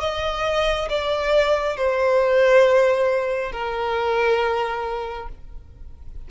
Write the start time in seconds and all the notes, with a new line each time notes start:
0.00 D#5
0.89 D5
1.77 C5
3.52 A#4